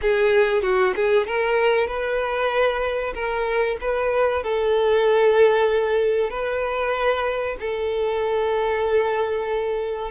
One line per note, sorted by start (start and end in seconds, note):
0.01 0.62 G#4
0.62 0.93 F#4
0.95 1.27 G#4
1.27 1.87 A#4
1.87 3.13 B4
3.14 3.77 A#4
3.81 4.43 B4
4.43 6.30 A4
6.30 7.56 B4
7.60 10.11 A4